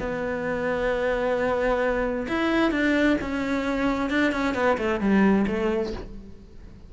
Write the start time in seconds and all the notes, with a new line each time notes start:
0.00 B3
2.28 E4
2.72 D4
3.22 C#4
4.11 D4
4.32 C#4
4.55 B3
4.78 A3
5.01 G3
5.48 A3